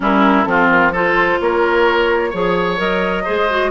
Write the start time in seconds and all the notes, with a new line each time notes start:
0.00 G3 C#4 E4 A#4
0.44 F3 C4 F4 A4
0.70 A#4
0.92 F4 A4 C5
1.40 A#3 A#4 C#5
2.30 F3 G#4 C#5
2.77 F#3 A#4 D#5
3.24 G#3 G#4 C5
3.49 F#4